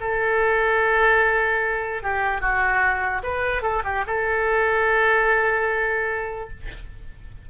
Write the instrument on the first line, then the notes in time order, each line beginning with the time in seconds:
oboe
0.00 A4
2.02 G4
2.41 F#4
3.23 B4
3.62 A4
3.84 G4
4.07 A4